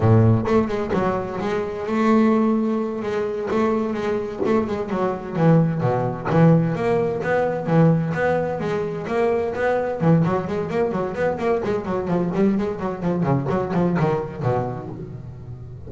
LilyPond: \new Staff \with { instrumentName = "double bass" } { \time 4/4 \tempo 4 = 129 a,4 a8 gis8 fis4 gis4 | a2~ a8 gis4 a8~ | a8 gis4 a8 gis8 fis4 e8~ | e8 b,4 e4 ais4 b8~ |
b8 e4 b4 gis4 ais8~ | ais8 b4 e8 fis8 gis8 ais8 fis8 | b8 ais8 gis8 fis8 f8 g8 gis8 fis8 | f8 cis8 fis8 f8 dis4 b,4 | }